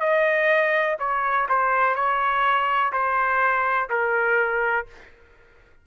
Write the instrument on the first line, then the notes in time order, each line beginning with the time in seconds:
trumpet
0.00 D#5
0.99 C#5
1.49 C5
1.95 C#5
2.92 C5
3.90 A#4